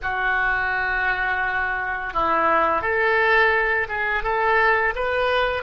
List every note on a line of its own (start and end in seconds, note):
0.02 2.13 F#4
2.13 2.81 E4
2.81 3.87 A4
3.88 4.23 G#4
4.23 4.93 A4
4.95 5.63 B4